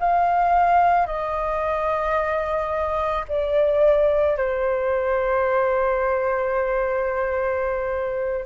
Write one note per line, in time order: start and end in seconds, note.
0.00 1.07 F5
1.07 3.25 D#5
3.29 4.37 D5
4.37 8.46 C5